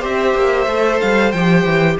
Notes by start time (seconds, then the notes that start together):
0.00 C4 G4 C5 E5
0.35 A#3
0.67 A3 A4
1.01 G3 F5
1.32 F3 G4 G5
1.65 E3